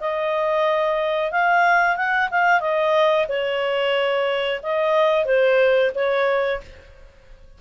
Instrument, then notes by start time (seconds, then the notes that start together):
clarinet
0.00 D#5
1.32 F5
1.96 F#5
2.31 F5
2.60 D#5
3.28 C#5
4.63 D#5
5.25 C5
5.95 C#5